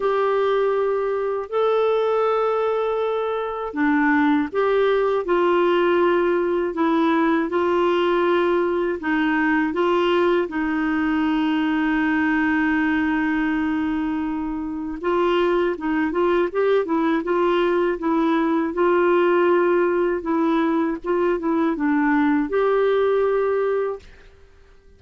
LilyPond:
\new Staff \with { instrumentName = "clarinet" } { \time 4/4 \tempo 4 = 80 g'2 a'2~ | a'4 d'4 g'4 f'4~ | f'4 e'4 f'2 | dis'4 f'4 dis'2~ |
dis'1 | f'4 dis'8 f'8 g'8 e'8 f'4 | e'4 f'2 e'4 | f'8 e'8 d'4 g'2 | }